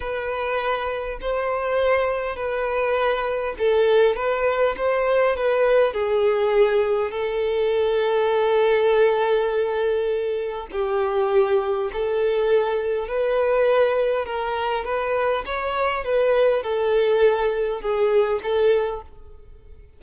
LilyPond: \new Staff \with { instrumentName = "violin" } { \time 4/4 \tempo 4 = 101 b'2 c''2 | b'2 a'4 b'4 | c''4 b'4 gis'2 | a'1~ |
a'2 g'2 | a'2 b'2 | ais'4 b'4 cis''4 b'4 | a'2 gis'4 a'4 | }